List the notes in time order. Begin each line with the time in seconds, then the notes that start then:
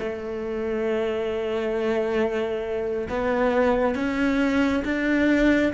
0.00 A3
3.09 B3
3.95 C#4
4.85 D4